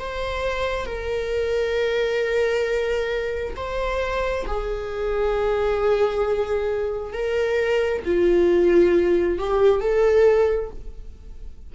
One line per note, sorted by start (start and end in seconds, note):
0.00 0.86 C5
0.86 3.55 A#4
3.57 4.46 C5
4.47 7.14 G#4
7.14 8.03 A#4
8.05 9.39 F4
9.39 9.81 G4
9.81 10.71 A4